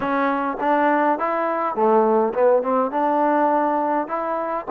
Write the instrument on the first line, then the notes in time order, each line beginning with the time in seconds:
trombone
0.00 C#4
0.60 D4
1.19 E4
1.75 A3
2.33 B3
2.62 C4
2.91 D4
4.07 E4